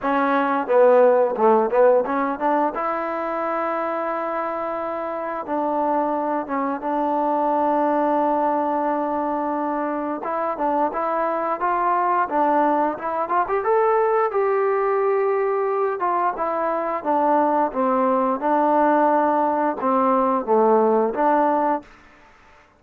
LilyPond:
\new Staff \with { instrumentName = "trombone" } { \time 4/4 \tempo 4 = 88 cis'4 b4 a8 b8 cis'8 d'8 | e'1 | d'4. cis'8 d'2~ | d'2. e'8 d'8 |
e'4 f'4 d'4 e'8 f'16 g'16 | a'4 g'2~ g'8 f'8 | e'4 d'4 c'4 d'4~ | d'4 c'4 a4 d'4 | }